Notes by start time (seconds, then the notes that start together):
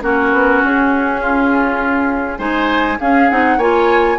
0.00 A#3 C#4 F#4 A#4
0.32 B3
0.63 C#4 G#4
1.21 F4
2.38 G#3 D#4 C5 G#5
3.00 C#4 G#4 F5
3.29 C4 D#4 F#5
3.57 A#3 F4 C#5 G#5